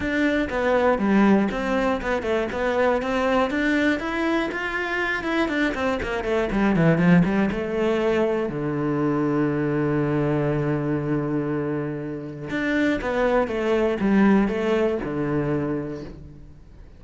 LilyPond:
\new Staff \with { instrumentName = "cello" } { \time 4/4 \tempo 4 = 120 d'4 b4 g4 c'4 | b8 a8 b4 c'4 d'4 | e'4 f'4. e'8 d'8 c'8 | ais8 a8 g8 e8 f8 g8 a4~ |
a4 d2.~ | d1~ | d4 d'4 b4 a4 | g4 a4 d2 | }